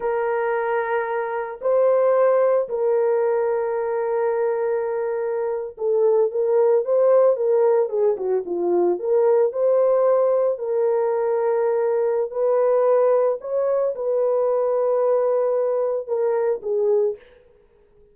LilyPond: \new Staff \with { instrumentName = "horn" } { \time 4/4 \tempo 4 = 112 ais'2. c''4~ | c''4 ais'2.~ | ais'2~ ais'8. a'4 ais'16~ | ais'8. c''4 ais'4 gis'8 fis'8 f'16~ |
f'8. ais'4 c''2 ais'16~ | ais'2. b'4~ | b'4 cis''4 b'2~ | b'2 ais'4 gis'4 | }